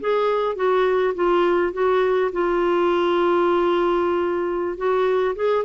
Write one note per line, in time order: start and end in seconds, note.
0.00 0.55 G#4
0.55 1.14 F#4
1.15 1.73 F4
1.73 2.31 F#4
2.32 4.77 F4
4.77 5.35 F#4
5.35 5.64 G#4